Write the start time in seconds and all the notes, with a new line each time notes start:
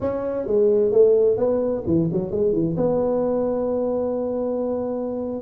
0.00 C#4
0.47 G#3
0.91 A3
1.37 B3
1.86 E3
2.12 F#3
2.31 G#3
2.52 E3
2.77 B3